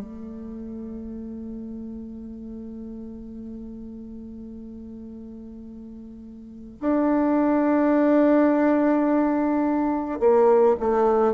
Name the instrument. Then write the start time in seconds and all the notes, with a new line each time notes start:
bassoon
0.00 A3
6.80 D4
10.19 A#3
10.80 A3